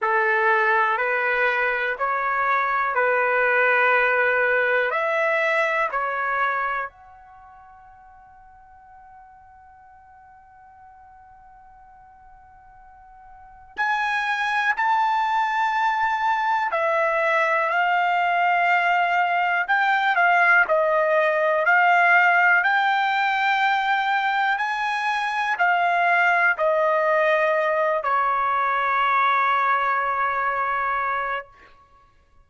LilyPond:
\new Staff \with { instrumentName = "trumpet" } { \time 4/4 \tempo 4 = 61 a'4 b'4 cis''4 b'4~ | b'4 e''4 cis''4 fis''4~ | fis''1~ | fis''2 gis''4 a''4~ |
a''4 e''4 f''2 | g''8 f''8 dis''4 f''4 g''4~ | g''4 gis''4 f''4 dis''4~ | dis''8 cis''2.~ cis''8 | }